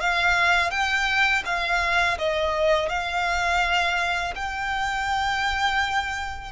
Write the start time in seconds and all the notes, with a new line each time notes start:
0.00 F5
0.71 G5
1.45 F5
2.18 D#5
2.89 F5
4.35 G5